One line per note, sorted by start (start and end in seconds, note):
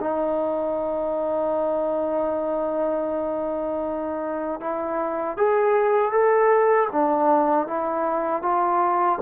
0.00 4.60 D#4
4.60 5.37 E4
5.37 6.12 G#4
6.12 6.88 A4
6.92 7.67 D4
7.67 8.42 E4
8.42 9.19 F4